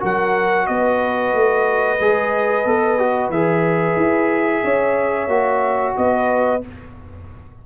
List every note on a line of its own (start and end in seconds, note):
0.00 0.69 F#3
0.00 1.98 F#4
0.00 0.67 A#4
0.00 0.67 F#5
0.67 1.34 B3
0.67 4.64 B4
0.67 3.31 D#5
1.34 2.00 A3
2.00 2.65 G#3
2.00 2.67 G#4
2.65 3.30 B3
2.65 2.99 A4
2.99 3.32 F#4
3.30 3.96 E3
3.30 5.29 G#4
3.30 5.95 E5
3.97 4.62 E4
4.64 5.28 C#4
4.64 5.96 C#5
5.28 5.94 A#3
5.28 6.61 F#4
5.97 6.63 B3
5.97 6.66 B4
5.97 6.63 D#5